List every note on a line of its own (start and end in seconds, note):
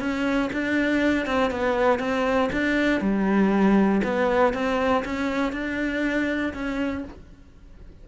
0.00 0.50 C#4
0.53 1.27 D4
1.27 1.51 C4
1.51 2.00 B3
2.00 2.50 C4
2.53 3.01 D4
3.01 4.02 G3
4.04 4.54 B3
4.54 5.04 C4
5.05 5.53 C#4
5.53 6.54 D4
6.54 7.05 C#4